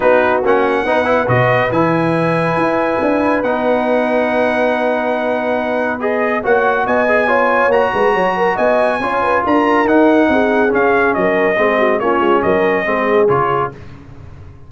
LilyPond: <<
  \new Staff \with { instrumentName = "trumpet" } { \time 4/4 \tempo 4 = 140 b'4 fis''2 dis''4 | gis''1 | fis''1~ | fis''2 dis''4 fis''4 |
gis''2 ais''2 | gis''2 ais''4 fis''4~ | fis''4 f''4 dis''2 | cis''4 dis''2 cis''4 | }
  \new Staff \with { instrumentName = "horn" } { \time 4/4 fis'2 b'2~ | b'1~ | b'1~ | b'2. cis''4 |
dis''4 cis''4. b'8 cis''8 ais'8 | dis''4 cis''8 b'8 ais'2 | gis'2 ais'4 gis'8 fis'8 | f'4 ais'4 gis'2 | }
  \new Staff \with { instrumentName = "trombone" } { \time 4/4 dis'4 cis'4 dis'8 e'8 fis'4 | e'1 | dis'1~ | dis'2 gis'4 fis'4~ |
fis'8 gis'8 f'4 fis'2~ | fis'4 f'2 dis'4~ | dis'4 cis'2 c'4 | cis'2 c'4 f'4 | }
  \new Staff \with { instrumentName = "tuba" } { \time 4/4 b4 ais4 b4 b,4 | e2 e'4 d'4 | b1~ | b2. ais4 |
b2 ais8 gis8 fis4 | b4 cis'4 d'4 dis'4 | c'4 cis'4 fis4 gis4 | ais8 gis8 fis4 gis4 cis4 | }
>>